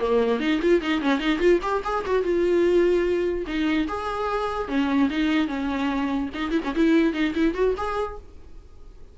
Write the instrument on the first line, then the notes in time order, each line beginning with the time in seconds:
viola
0.00 A#3
0.40 D#4
0.62 F4
0.81 D#4
1.02 C#4
1.19 D#4
1.39 F4
1.62 G4
1.84 G#4
2.06 F#4
2.23 F4
3.47 D#4
3.88 G#4
4.68 C#4
5.10 D#4
5.48 C#4
6.35 D#4
6.51 E4
6.65 C#4
6.75 E4
7.14 D#4
7.35 E4
7.55 F#4
7.77 G#4